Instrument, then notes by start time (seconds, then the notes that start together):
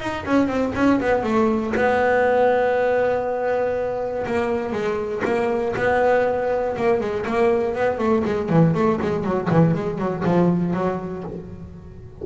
double bass
0.00 D#4
0.26 C#4
0.48 C4
0.75 C#4
1.00 B3
1.23 A3
1.76 B3
4.27 A#3
4.72 G#3
5.25 A#3
5.76 B3
6.76 A#3
7.01 G#3
7.26 A#3
7.75 B3
7.98 A3
8.25 G#3
8.49 E3
8.75 A3
9.02 G#3
9.24 F#3
9.50 E3
9.75 G#3
9.99 F#3
10.25 F3
10.74 F#3